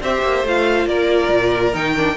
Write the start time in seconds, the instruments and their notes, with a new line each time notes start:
0.00 cello C4, viola G4, violin C5 E5
0.22 cello A#3
0.43 cello A3, viola F4, violin F5
0.86 cello A#3, violin A#4 D5
1.30 cello A#2
1.73 cello D#3, viola D#4, violin G5
1.96 viola D4